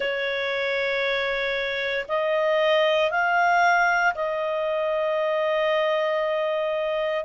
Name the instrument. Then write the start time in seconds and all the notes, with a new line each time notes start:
clarinet
0.00 C#5
2.08 D#5
3.10 F5
4.14 D#5